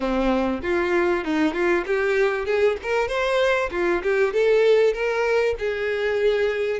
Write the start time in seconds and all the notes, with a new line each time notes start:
0.00 C4
0.62 F4
1.24 D#4
1.53 F4
1.86 G4
2.45 G#4
2.83 A#4
3.08 C5
3.71 F4
4.02 G4
4.33 A4
4.93 A#4
5.58 G#4